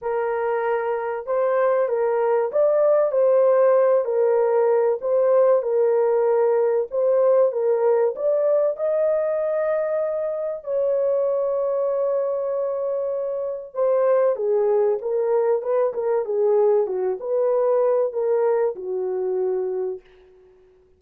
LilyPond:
\new Staff \with { instrumentName = "horn" } { \time 4/4 \tempo 4 = 96 ais'2 c''4 ais'4 | d''4 c''4. ais'4. | c''4 ais'2 c''4 | ais'4 d''4 dis''2~ |
dis''4 cis''2.~ | cis''2 c''4 gis'4 | ais'4 b'8 ais'8 gis'4 fis'8 b'8~ | b'4 ais'4 fis'2 | }